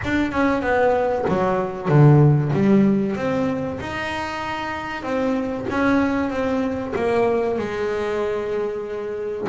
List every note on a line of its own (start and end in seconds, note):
0.03 0.31 D4
0.31 0.62 C#4
0.62 1.25 B3
1.28 1.88 F#3
1.88 2.51 D3
2.53 3.16 G3
3.16 3.79 C4
3.80 5.02 D#4
5.02 5.66 C4
5.70 6.30 C#4
6.30 6.93 C4
6.95 7.58 A#3
7.58 9.48 G#3